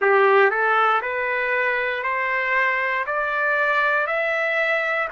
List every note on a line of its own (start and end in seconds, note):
0.00 0.50 G4
0.50 1.01 A4
1.01 2.03 B4
2.03 3.05 C5
3.06 4.06 D5
4.06 5.08 E5